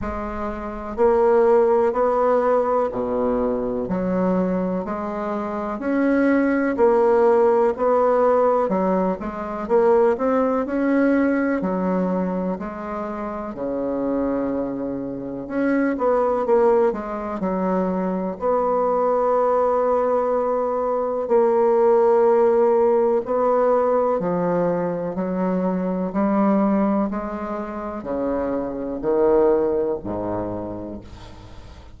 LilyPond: \new Staff \with { instrumentName = "bassoon" } { \time 4/4 \tempo 4 = 62 gis4 ais4 b4 b,4 | fis4 gis4 cis'4 ais4 | b4 fis8 gis8 ais8 c'8 cis'4 | fis4 gis4 cis2 |
cis'8 b8 ais8 gis8 fis4 b4~ | b2 ais2 | b4 f4 fis4 g4 | gis4 cis4 dis4 gis,4 | }